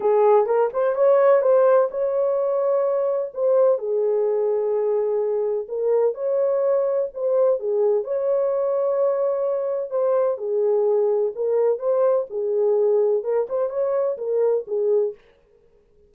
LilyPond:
\new Staff \with { instrumentName = "horn" } { \time 4/4 \tempo 4 = 127 gis'4 ais'8 c''8 cis''4 c''4 | cis''2. c''4 | gis'1 | ais'4 cis''2 c''4 |
gis'4 cis''2.~ | cis''4 c''4 gis'2 | ais'4 c''4 gis'2 | ais'8 c''8 cis''4 ais'4 gis'4 | }